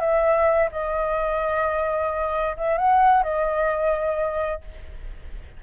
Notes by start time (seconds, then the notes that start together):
0.00 E5
0.72 D#5
2.57 E5
2.78 F#5
3.23 D#5